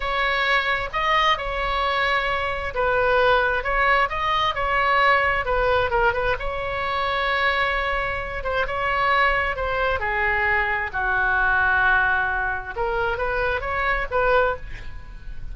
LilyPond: \new Staff \with { instrumentName = "oboe" } { \time 4/4 \tempo 4 = 132 cis''2 dis''4 cis''4~ | cis''2 b'2 | cis''4 dis''4 cis''2 | b'4 ais'8 b'8 cis''2~ |
cis''2~ cis''8 c''8 cis''4~ | cis''4 c''4 gis'2 | fis'1 | ais'4 b'4 cis''4 b'4 | }